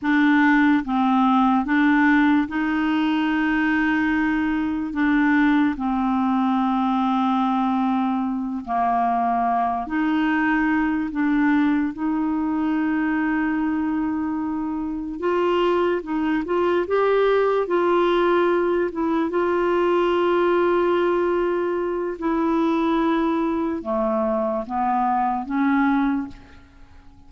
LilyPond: \new Staff \with { instrumentName = "clarinet" } { \time 4/4 \tempo 4 = 73 d'4 c'4 d'4 dis'4~ | dis'2 d'4 c'4~ | c'2~ c'8 ais4. | dis'4. d'4 dis'4.~ |
dis'2~ dis'8 f'4 dis'8 | f'8 g'4 f'4. e'8 f'8~ | f'2. e'4~ | e'4 a4 b4 cis'4 | }